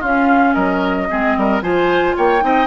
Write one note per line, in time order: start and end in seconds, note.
0.00 0.56 C#4
0.00 1.08 C#4
0.00 0.54 F4
0.00 0.54 F5
0.54 1.09 F#3
0.54 1.07 A#4
0.54 1.61 D#5
1.08 1.37 G#3
1.08 1.62 C4
1.08 1.37 G#4
1.37 1.61 G3
1.37 1.63 A#4
1.61 2.15 F3
1.61 2.40 F4
1.61 2.16 C5
1.61 2.15 G#5
2.16 2.43 A#3
2.16 2.43 C#5
2.16 2.67 G5
2.40 2.67 C4
2.40 2.67 D#4
2.40 2.67 D#5